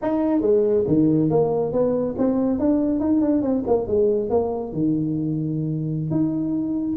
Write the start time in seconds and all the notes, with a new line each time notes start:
0.02 D#4
0.41 G#3
0.87 D#3
1.30 A#3
1.72 B3
2.17 C4
2.59 D4
3.00 D#4
3.21 D4
3.42 C4
3.67 A#3
3.87 G#3
4.29 A#3
4.72 D#3
6.10 D#4